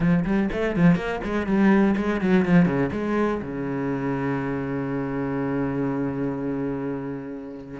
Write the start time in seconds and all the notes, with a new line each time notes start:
0.00 F3
0.25 G3
0.51 A3
0.76 F3
0.95 A#3
1.24 G#3
1.46 G3
1.96 G#3
2.20 F#3
2.45 F3
2.65 C#3
2.92 G#3
3.42 C#3